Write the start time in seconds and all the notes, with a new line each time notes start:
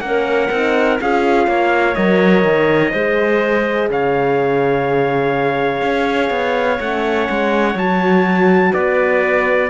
0.00 A#3 C#4 F#5
0.06 A#4
0.51 C4 D#4
1.00 C#4 F4 G#4 F5
1.47 A#3 C#5
1.95 F#3 A#4 D#5
2.44 D#3
2.91 G#3 G#4 C5
3.89 C#3 C#5 F5
5.81 C#4
6.30 B3
6.80 A3 C#4 F#5
7.29 G#3
7.74 F#3 F#4 A5
8.72 B3 B4 D5